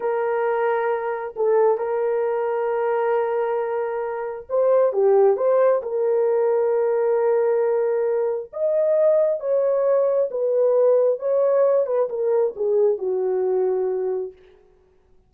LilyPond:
\new Staff \with { instrumentName = "horn" } { \time 4/4 \tempo 4 = 134 ais'2. a'4 | ais'1~ | ais'2 c''4 g'4 | c''4 ais'2.~ |
ais'2. dis''4~ | dis''4 cis''2 b'4~ | b'4 cis''4. b'8 ais'4 | gis'4 fis'2. | }